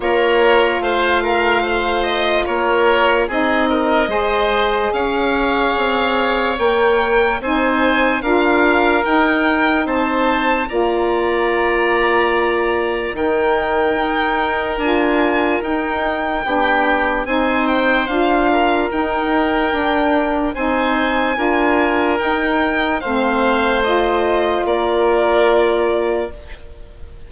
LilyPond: <<
  \new Staff \with { instrumentName = "violin" } { \time 4/4 \tempo 4 = 73 cis''4 f''4. dis''8 cis''4 | dis''2 f''2 | g''4 gis''4 f''4 g''4 | a''4 ais''2. |
g''2 gis''4 g''4~ | g''4 gis''8 g''8 f''4 g''4~ | g''4 gis''2 g''4 | f''4 dis''4 d''2 | }
  \new Staff \with { instrumentName = "oboe" } { \time 4/4 ais'4 c''8 ais'8 c''4 ais'4 | gis'8 ais'8 c''4 cis''2~ | cis''4 c''4 ais'2 | c''4 d''2. |
ais'1 | g'4 c''4. ais'4.~ | ais'4 c''4 ais'2 | c''2 ais'2 | }
  \new Staff \with { instrumentName = "saxophone" } { \time 4/4 f'1 | dis'4 gis'2. | ais'4 dis'4 f'4 dis'4~ | dis'4 f'2. |
dis'2 f'4 dis'4 | d'4 dis'4 f'4 dis'4 | d'4 dis'4 f'4 dis'4 | c'4 f'2. | }
  \new Staff \with { instrumentName = "bassoon" } { \time 4/4 ais4 a2 ais4 | c'4 gis4 cis'4 c'4 | ais4 c'4 d'4 dis'4 | c'4 ais2. |
dis4 dis'4 d'4 dis'4 | b4 c'4 d'4 dis'4 | d'4 c'4 d'4 dis'4 | a2 ais2 | }
>>